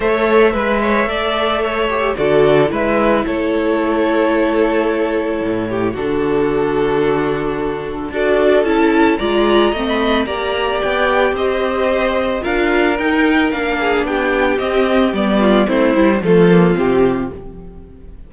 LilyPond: <<
  \new Staff \with { instrumentName = "violin" } { \time 4/4 \tempo 4 = 111 e''1 | d''4 e''4 cis''2~ | cis''2. a'4~ | a'2. d''4 |
a''4 ais''4~ ais''16 b''8. ais''4 | g''4 dis''2 f''4 | g''4 f''4 g''4 dis''4 | d''4 c''4 a'4 g'4 | }
  \new Staff \with { instrumentName = "violin" } { \time 4/4 cis''4 b'8 cis''8 d''4 cis''4 | a'4 b'4 a'2~ | a'2~ a'8 g'8 fis'4~ | fis'2. a'4~ |
a'4 d''4 dis''4 d''4~ | d''4 c''2 ais'4~ | ais'4. gis'8 g'2~ | g'8 f'8 e'4 f'2 | }
  \new Staff \with { instrumentName = "viola" } { \time 4/4 a'4 b'4 a'4. g'8 | fis'4 e'2.~ | e'2. d'4~ | d'2. fis'4 |
e'4 f'4 c'4 g'4~ | g'2. f'4 | dis'4 d'2 c'4 | b4 c'8 e'8 a8 ais8 c'4 | }
  \new Staff \with { instrumentName = "cello" } { \time 4/4 a4 gis4 a2 | d4 gis4 a2~ | a2 a,4 d4~ | d2. d'4 |
cis'4 gis4 a4 ais4 | b4 c'2 d'4 | dis'4 ais4 b4 c'4 | g4 a8 g8 f4 c4 | }
>>